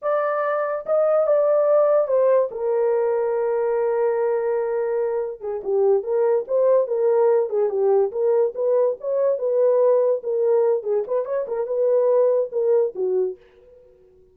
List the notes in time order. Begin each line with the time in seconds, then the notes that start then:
0.02 D5
0.85 D#5
1.26 D5
2.07 C5
2.51 A#4
5.40 G#4
5.63 G4
6.03 A#4
6.47 C5
6.87 A#4
7.49 G#4
7.69 G4
8.11 A#4
8.54 B4
9.00 C#5
9.38 B4
10.23 A#4
10.83 G#4
11.07 B4
11.25 C#5
11.47 A#4
11.66 B4
12.52 A#4
12.95 F#4